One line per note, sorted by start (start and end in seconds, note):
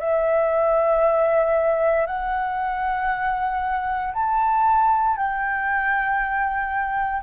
0.00 2.06 E5
2.06 4.13 F#5
4.14 5.17 A5
5.17 7.23 G5